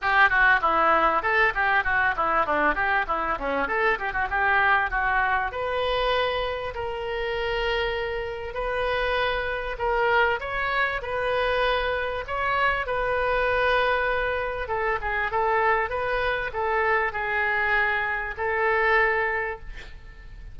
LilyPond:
\new Staff \with { instrumentName = "oboe" } { \time 4/4 \tempo 4 = 98 g'8 fis'8 e'4 a'8 g'8 fis'8 e'8 | d'8 g'8 e'8 cis'8 a'8 g'16 fis'16 g'4 | fis'4 b'2 ais'4~ | ais'2 b'2 |
ais'4 cis''4 b'2 | cis''4 b'2. | a'8 gis'8 a'4 b'4 a'4 | gis'2 a'2 | }